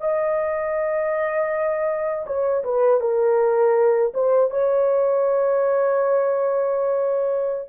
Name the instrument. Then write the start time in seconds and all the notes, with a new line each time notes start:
horn
0.00 D#5
2.26 C#5
2.64 B4
3.00 A#4
4.14 C5
4.50 C#5